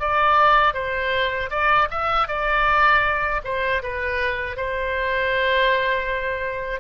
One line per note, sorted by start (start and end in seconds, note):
0.00 0.74 D5
0.74 1.50 C5
1.51 1.88 D5
1.91 2.28 E5
2.28 3.42 D5
3.44 3.82 C5
3.83 4.56 B4
4.56 6.80 C5